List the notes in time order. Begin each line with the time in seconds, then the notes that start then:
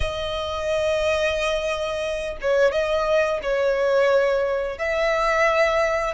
0.00 D#5
2.41 C#5
2.71 D#5
3.42 C#5
4.78 E5